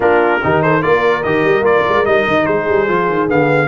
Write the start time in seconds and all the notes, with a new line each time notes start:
0.00 A#3 D4 F4 A#4
0.43 D#3 D#4 G4
0.62 A4 C5
0.81 A#3 F4 A#4 D5
1.23 D#3 G4 D#5
1.44 G3
1.61 A#3 F4 D5
1.88 G#3
2.05 G3 D#4 D#5
2.27 D#3
2.45 G#3 G#4 C5
2.69 G3
2.87 F3 F4
3.08 D#3
3.28 D3 B3 F5